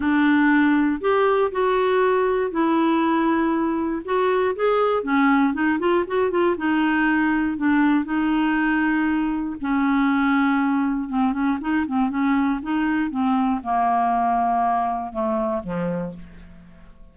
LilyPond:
\new Staff \with { instrumentName = "clarinet" } { \time 4/4 \tempo 4 = 119 d'2 g'4 fis'4~ | fis'4 e'2. | fis'4 gis'4 cis'4 dis'8 f'8 | fis'8 f'8 dis'2 d'4 |
dis'2. cis'4~ | cis'2 c'8 cis'8 dis'8 c'8 | cis'4 dis'4 c'4 ais4~ | ais2 a4 f4 | }